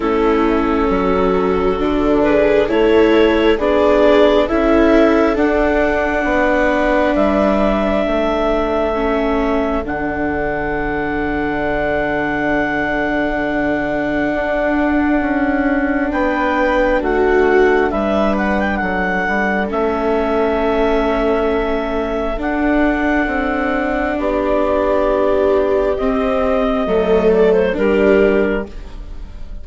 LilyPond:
<<
  \new Staff \with { instrumentName = "clarinet" } { \time 4/4 \tempo 4 = 67 a'2~ a'8 b'8 cis''4 | d''4 e''4 fis''2 | e''2. fis''4~ | fis''1~ |
fis''2 g''4 fis''4 | e''8 fis''16 g''16 fis''4 e''2~ | e''4 fis''2 d''4~ | d''4 dis''4. d''16 c''16 ais'4 | }
  \new Staff \with { instrumentName = "viola" } { \time 4/4 e'4 fis'4. gis'8 a'4 | gis'4 a'2 b'4~ | b'4 a'2.~ | a'1~ |
a'2 b'4 fis'4 | b'4 a'2.~ | a'2. g'4~ | g'2 a'4 g'4 | }
  \new Staff \with { instrumentName = "viola" } { \time 4/4 cis'2 d'4 e'4 | d'4 e'4 d'2~ | d'2 cis'4 d'4~ | d'1~ |
d'1~ | d'2 cis'2~ | cis'4 d'2.~ | d'4 c'4 a4 d'4 | }
  \new Staff \with { instrumentName = "bassoon" } { \time 4/4 a4 fis4 d4 a4 | b4 cis'4 d'4 b4 | g4 a2 d4~ | d1 |
d'4 cis'4 b4 a4 | g4 fis8 g8 a2~ | a4 d'4 c'4 b4~ | b4 c'4 fis4 g4 | }
>>